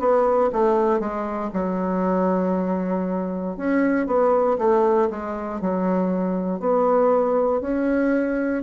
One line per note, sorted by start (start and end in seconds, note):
0.00 0.51 B3
0.53 1.00 A3
1.00 1.51 G#3
1.54 3.57 F#3
3.57 4.07 C#4
4.07 4.58 B3
4.59 5.09 A3
5.11 5.62 G#3
5.62 6.60 F#3
6.60 7.61 B3
7.61 8.63 C#4